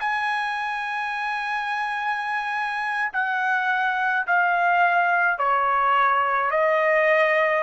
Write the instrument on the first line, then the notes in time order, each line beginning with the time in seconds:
trumpet
0.00 G#5
3.12 F#5
4.27 F5
5.38 C#5
6.50 D#5